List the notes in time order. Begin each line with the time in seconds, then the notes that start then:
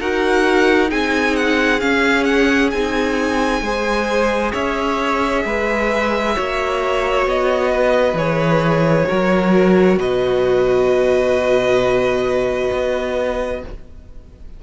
0.00 D#4 F#4 A#4 F#5
0.88 C4 D#4 G#4 G#5
1.36 F#5
1.80 C#4 F5
2.24 F#5
2.70 C4 D#4 G#5
3.62 G#3 G#4 C5
4.52 C#4 C#5 E5
5.45 G#3 B4
6.35 A#3 F#4 C#5
7.27 B3 D#5
7.71 B4
8.13 E3 G#4 C#5
9.07 F#3 F#4 A#4
9.97 B2 B4 D#5
12.72 B3